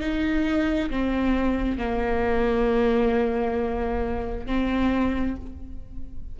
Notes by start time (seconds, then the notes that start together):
0.00 D#4
0.90 C4
1.77 A#3
4.46 C4